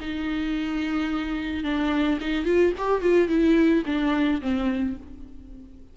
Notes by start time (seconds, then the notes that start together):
0.00 D#4
1.63 D4
2.20 D#4
2.45 F4
2.77 G4
3.01 F4
3.28 E4
3.86 D4
4.41 C4